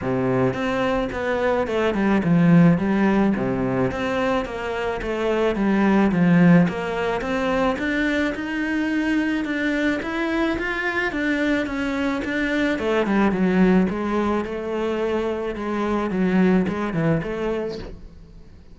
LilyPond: \new Staff \with { instrumentName = "cello" } { \time 4/4 \tempo 4 = 108 c4 c'4 b4 a8 g8 | f4 g4 c4 c'4 | ais4 a4 g4 f4 | ais4 c'4 d'4 dis'4~ |
dis'4 d'4 e'4 f'4 | d'4 cis'4 d'4 a8 g8 | fis4 gis4 a2 | gis4 fis4 gis8 e8 a4 | }